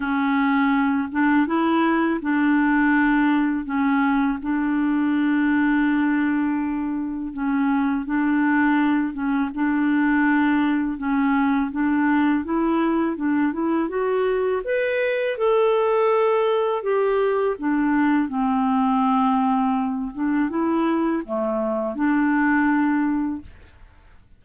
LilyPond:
\new Staff \with { instrumentName = "clarinet" } { \time 4/4 \tempo 4 = 82 cis'4. d'8 e'4 d'4~ | d'4 cis'4 d'2~ | d'2 cis'4 d'4~ | d'8 cis'8 d'2 cis'4 |
d'4 e'4 d'8 e'8 fis'4 | b'4 a'2 g'4 | d'4 c'2~ c'8 d'8 | e'4 a4 d'2 | }